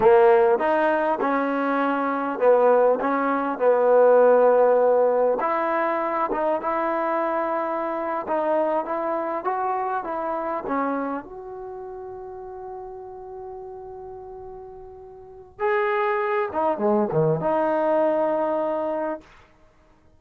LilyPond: \new Staff \with { instrumentName = "trombone" } { \time 4/4 \tempo 4 = 100 ais4 dis'4 cis'2 | b4 cis'4 b2~ | b4 e'4. dis'8 e'4~ | e'4.~ e'16 dis'4 e'4 fis'16~ |
fis'8. e'4 cis'4 fis'4~ fis'16~ | fis'1~ | fis'2 gis'4. dis'8 | gis8 dis8 dis'2. | }